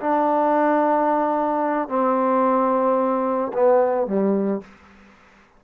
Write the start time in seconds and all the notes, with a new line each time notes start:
0.00 D4
1.88 C4
3.53 B3
4.07 G3